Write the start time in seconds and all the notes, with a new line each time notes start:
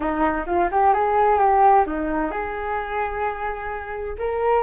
0.00 D#4
0.46 F4
0.71 G4
0.93 G#4
1.38 G4
1.86 D#4
2.31 G#4
4.18 A#4